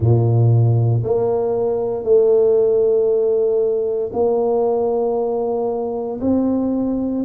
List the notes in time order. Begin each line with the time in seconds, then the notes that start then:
0.00 A#2
1.03 A#3
2.03 A3
4.12 A#3
6.21 C4